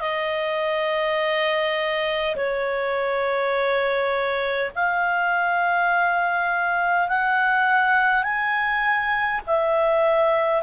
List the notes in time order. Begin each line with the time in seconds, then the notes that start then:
0.00 D#5
2.36 C#5
4.75 F5
7.09 F#5
8.23 G#5
9.47 E5